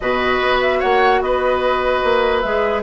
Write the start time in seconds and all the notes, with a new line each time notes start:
0.00 B2 F#4 B4 D#5
0.40 B3
0.61 E5
0.79 A#3 C#5 F#5
1.21 B3 B4 D#5
2.04 A#3
2.40 G#3 G#4 E5